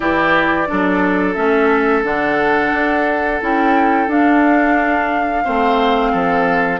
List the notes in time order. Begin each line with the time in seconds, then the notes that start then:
0.00 E3 E4 G4 D5
0.67 F#3 D4 A4
1.34 A3 C#4 E5
2.03 D3 D4 F#5
2.73 D4
3.40 C#4 E4 G5
4.07 D4 F5
5.44 A3 C4 C5
6.12 F3 A4